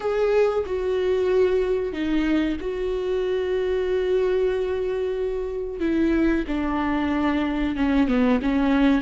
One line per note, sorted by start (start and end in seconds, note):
0.00 0.64 G#4
0.66 1.92 F#4
1.92 2.57 D#4
2.60 5.79 F#4
5.79 6.44 E4
6.47 7.76 D4
7.76 8.08 C#4
8.08 8.40 B3
8.42 9.01 C#4